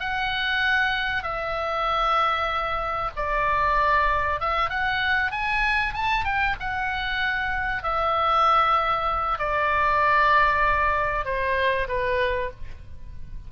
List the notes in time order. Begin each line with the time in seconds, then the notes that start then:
0.00 F#5
1.23 E5
3.16 D5
4.41 E5
4.70 F#5
5.32 G#5
5.94 A5
6.25 G5
6.60 F#5
7.84 E5
9.39 D5
11.25 C5
11.89 B4